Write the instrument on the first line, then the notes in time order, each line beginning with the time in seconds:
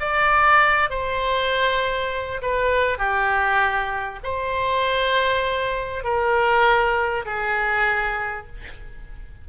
oboe
0.00 D5
0.90 C5
2.42 B4
2.99 G4
4.24 C5
6.04 A#4
7.26 G#4